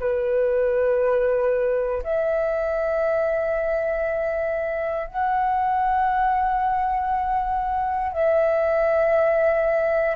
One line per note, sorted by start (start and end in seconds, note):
0.00 2.03 B4
2.03 5.08 E5
5.08 8.13 F#5
8.13 10.16 E5